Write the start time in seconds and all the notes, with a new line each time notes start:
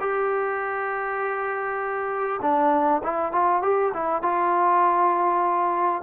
0.00 G4
2.42 D4
3.03 E4
3.32 F4
3.62 G4
3.94 E4
4.22 F4